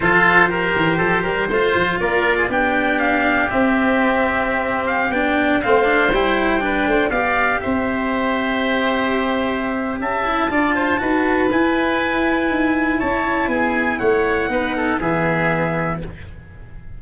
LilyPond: <<
  \new Staff \with { instrumentName = "trumpet" } { \time 4/4 \tempo 4 = 120 c''1 | d''4 g''4 f''4 e''4~ | e''4.~ e''16 f''8 g''4 f''8.~ | f''16 g''2 f''4 e''8.~ |
e''1 | a''2. gis''4~ | gis''2 a''4 gis''4 | fis''2 e''2 | }
  \new Staff \with { instrumentName = "oboe" } { \time 4/4 a'4 ais'4 a'8 ais'8 c''4 | ais'8. gis'16 g'2.~ | g'2.~ g'16 c''8.~ | c''4~ c''16 b'8 c''8 d''4 c''8.~ |
c''1 | e''4 d''8 c''8 b'2~ | b'2 cis''4 gis'4 | cis''4 b'8 a'8 gis'2 | }
  \new Staff \with { instrumentName = "cello" } { \time 4/4 f'4 g'2 f'4~ | f'4 d'2 c'4~ | c'2~ c'16 d'4 c'8 d'16~ | d'16 e'4 d'4 g'4.~ g'16~ |
g'1~ | g'8 e'8 f'4 fis'4 e'4~ | e'1~ | e'4 dis'4 b2 | }
  \new Staff \with { instrumentName = "tuba" } { \time 4/4 f4. e8 f8 g8 a8 f8 | ais4 b2 c'4~ | c'2~ c'16 b4 a8.~ | a16 g4. a8 b4 c'8.~ |
c'1 | cis'4 d'4 dis'4 e'4~ | e'4 dis'4 cis'4 b4 | a4 b4 e2 | }
>>